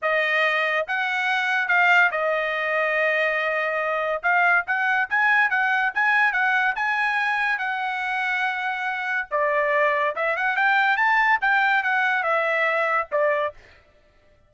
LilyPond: \new Staff \with { instrumentName = "trumpet" } { \time 4/4 \tempo 4 = 142 dis''2 fis''2 | f''4 dis''2.~ | dis''2 f''4 fis''4 | gis''4 fis''4 gis''4 fis''4 |
gis''2 fis''2~ | fis''2 d''2 | e''8 fis''8 g''4 a''4 g''4 | fis''4 e''2 d''4 | }